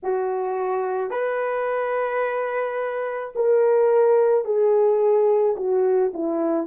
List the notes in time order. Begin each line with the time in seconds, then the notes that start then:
0.03 F#4
1.10 B4
3.35 A#4
4.44 G#4
5.56 F#4
6.13 E4